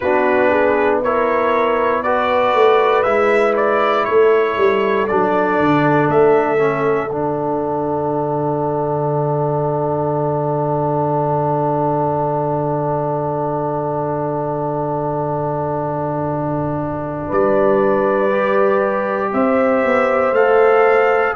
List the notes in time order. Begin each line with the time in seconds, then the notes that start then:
0.00 B3 D4 F#4 B4
0.49 G#4
1.03 E4 A#4 C#5
2.02 F#4 B4 D5
2.53 A3
3.02 G#3 E4 E5
3.56 D5
4.04 A3 A4 C#5
4.57 G3
5.07 F#3 D4 D5
5.59 D3
6.08 A3 E5
6.58 C#4
7.09 D3 D4 F#5
17.27 G3 B4 D5
18.31 G4
19.33 C4 C5 E5
19.84 B3
20.32 A3 A4 F5